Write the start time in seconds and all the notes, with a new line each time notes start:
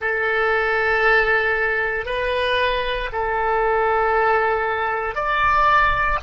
0.00 A4
2.05 B4
3.12 A4
5.14 D5